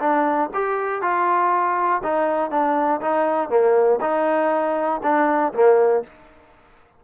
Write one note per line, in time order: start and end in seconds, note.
0.00 0.50 D4
0.54 1.02 G4
1.02 2.02 F4
2.04 2.51 D#4
2.51 3.01 D4
3.01 3.50 D#4
3.50 4.00 A#3
4.01 5.01 D#4
5.03 5.53 D4
5.53 6.03 A#3